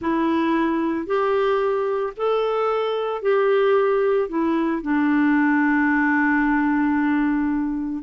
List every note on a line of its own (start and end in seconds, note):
0.01 1.06 E4
1.06 2.13 G4
2.16 3.21 A4
3.21 4.28 G4
4.28 4.82 E4
4.82 8.03 D4